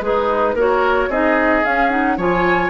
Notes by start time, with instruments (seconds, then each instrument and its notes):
0.00 bassoon G#3, oboe D#4, clarinet G#4, flute B4
0.54 bassoon A#3, clarinet F#4, oboe A#4, flute C#5
1.08 bassoon C4, clarinet D#4, oboe G#4, flute D#5
1.63 clarinet C#4, bassoon C#4, flute F5
1.90 clarinet D#4, flute F#5
2.17 bassoon F3, clarinet F4, oboe C#5, flute G#5